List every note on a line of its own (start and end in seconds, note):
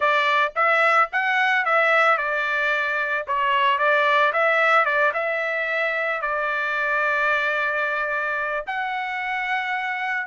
0.00 0.53 D5
0.55 1.09 E5
1.12 1.65 F#5
1.65 2.17 E5
2.17 3.25 D5
3.27 3.78 C#5
3.78 4.32 D5
4.32 4.85 E5
4.85 5.12 D5
5.13 6.21 E5
6.21 8.65 D5
8.66 10.27 F#5